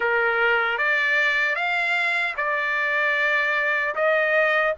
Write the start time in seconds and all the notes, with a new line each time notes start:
0.00 A#4
0.78 D5
1.55 F5
2.36 D5
3.95 D#5